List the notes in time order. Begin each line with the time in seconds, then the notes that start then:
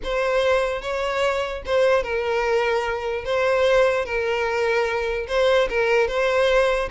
0.03 C5
0.81 C#5
1.65 C5
2.03 A#4
3.24 C5
4.05 A#4
5.27 C5
5.69 A#4
6.07 C5